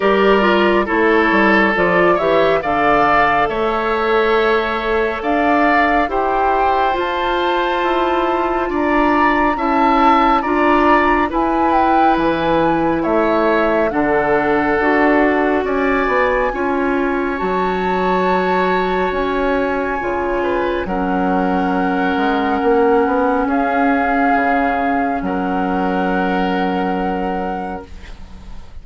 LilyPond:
<<
  \new Staff \with { instrumentName = "flute" } { \time 4/4 \tempo 4 = 69 d''4 cis''4 d''8 e''8 f''4 | e''2 f''4 g''4 | a''2 ais''4 a''4 | ais''4 gis''8 g''8 gis''4 e''4 |
fis''2 gis''2 | a''2 gis''2 | fis''2. f''4~ | f''4 fis''2. | }
  \new Staff \with { instrumentName = "oboe" } { \time 4/4 ais'4 a'4. cis''8 d''4 | cis''2 d''4 c''4~ | c''2 d''4 e''4 | d''4 b'2 cis''4 |
a'2 d''4 cis''4~ | cis''2.~ cis''8 b'8 | ais'2. gis'4~ | gis'4 ais'2. | }
  \new Staff \with { instrumentName = "clarinet" } { \time 4/4 g'8 f'8 e'4 f'8 g'8 a'4~ | a'2. g'4 | f'2. e'4 | f'4 e'2. |
d'4 fis'2 f'4 | fis'2. f'4 | cis'1~ | cis'1 | }
  \new Staff \with { instrumentName = "bassoon" } { \time 4/4 g4 a8 g8 f8 e8 d4 | a2 d'4 e'4 | f'4 e'4 d'4 cis'4 | d'4 e'4 e4 a4 |
d4 d'4 cis'8 b8 cis'4 | fis2 cis'4 cis4 | fis4. gis8 ais8 b8 cis'4 | cis4 fis2. | }
>>